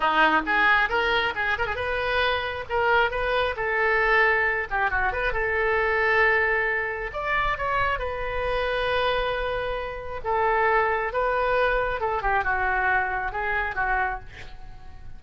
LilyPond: \new Staff \with { instrumentName = "oboe" } { \time 4/4 \tempo 4 = 135 dis'4 gis'4 ais'4 gis'8 ais'16 gis'16 | b'2 ais'4 b'4 | a'2~ a'8 g'8 fis'8 b'8 | a'1 |
d''4 cis''4 b'2~ | b'2. a'4~ | a'4 b'2 a'8 g'8 | fis'2 gis'4 fis'4 | }